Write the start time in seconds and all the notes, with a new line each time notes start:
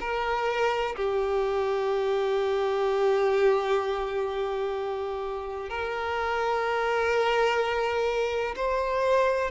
0.00 A#4
0.96 G4
5.69 A#4
8.55 C5